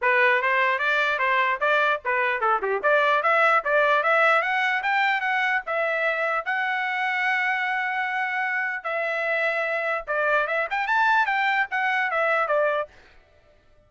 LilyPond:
\new Staff \with { instrumentName = "trumpet" } { \time 4/4 \tempo 4 = 149 b'4 c''4 d''4 c''4 | d''4 b'4 a'8 g'8 d''4 | e''4 d''4 e''4 fis''4 | g''4 fis''4 e''2 |
fis''1~ | fis''2 e''2~ | e''4 d''4 e''8 g''8 a''4 | g''4 fis''4 e''4 d''4 | }